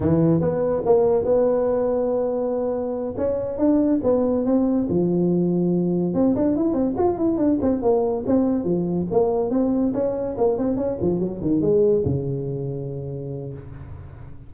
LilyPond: \new Staff \with { instrumentName = "tuba" } { \time 4/4 \tempo 4 = 142 e4 b4 ais4 b4~ | b2.~ b8 cis'8~ | cis'8 d'4 b4 c'4 f8~ | f2~ f8 c'8 d'8 e'8 |
c'8 f'8 e'8 d'8 c'8 ais4 c'8~ | c'8 f4 ais4 c'4 cis'8~ | cis'8 ais8 c'8 cis'8 f8 fis8 dis8 gis8~ | gis8 cis2.~ cis8 | }